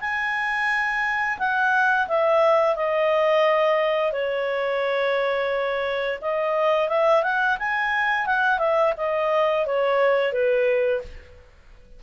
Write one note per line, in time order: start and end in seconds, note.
0.00 1.38 G#5
1.38 2.07 F#5
2.07 2.76 E5
2.76 4.12 D#5
4.12 6.19 C#5
6.21 6.88 D#5
6.88 7.23 E5
7.23 7.57 F#5
7.59 8.26 G#5
8.26 8.58 F#5
8.58 8.93 E5
8.97 9.66 D#5
9.66 10.32 C#5
10.32 11.01 B4